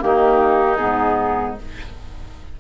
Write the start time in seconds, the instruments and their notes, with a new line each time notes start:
0.00 bassoon D#3, clarinet A#3, oboe D#4, flute G4
0.77 bassoon G#2, clarinet B3, flute G#4